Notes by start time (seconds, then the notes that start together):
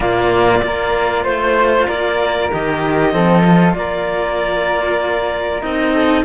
0.00 A#2 A#3 F4 D5
0.62 A#3 F4 A#4
1.23 A3 C5
1.87 A#3 A#4 D5
2.51 D#3 G4 D#5
3.11 F3 C4 A4
3.44 F4
3.74 A#3 A#4 D5
5.61 C4 D#4 D#5
5.93 A4